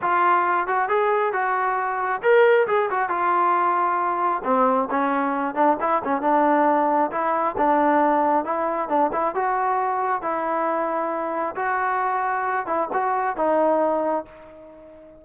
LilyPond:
\new Staff \with { instrumentName = "trombone" } { \time 4/4 \tempo 4 = 135 f'4. fis'8 gis'4 fis'4~ | fis'4 ais'4 gis'8 fis'8 f'4~ | f'2 c'4 cis'4~ | cis'8 d'8 e'8 cis'8 d'2 |
e'4 d'2 e'4 | d'8 e'8 fis'2 e'4~ | e'2 fis'2~ | fis'8 e'8 fis'4 dis'2 | }